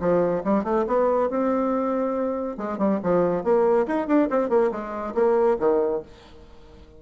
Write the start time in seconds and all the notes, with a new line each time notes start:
0.00 F3
0.44 G3
0.64 A3
0.87 B3
1.30 C4
2.57 G#3
2.78 G3
3.03 F3
3.44 A#3
3.87 D#4
4.07 D4
4.30 C4
4.50 A#3
4.71 G#3
5.14 A#3
5.59 D#3